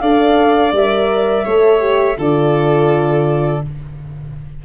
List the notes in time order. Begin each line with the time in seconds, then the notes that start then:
0.00 D4 A4 D5 F5
0.72 G3 A#4 E5
1.44 A3 A4 C#5
1.80 G4
2.17 D3 F4 A4 D5